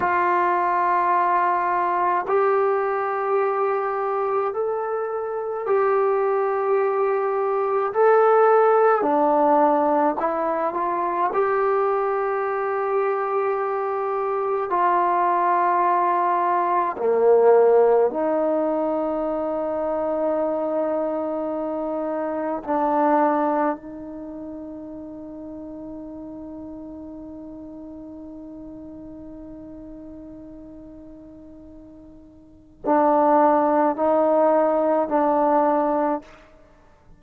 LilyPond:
\new Staff \with { instrumentName = "trombone" } { \time 4/4 \tempo 4 = 53 f'2 g'2 | a'4 g'2 a'4 | d'4 e'8 f'8 g'2~ | g'4 f'2 ais4 |
dis'1 | d'4 dis'2.~ | dis'1~ | dis'4 d'4 dis'4 d'4 | }